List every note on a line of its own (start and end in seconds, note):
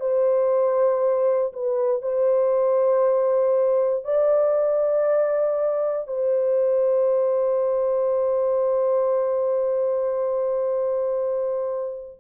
0.00 1.53 C5
1.53 2.02 B4
2.02 4.04 C5
4.04 6.07 D5
6.07 12.18 C5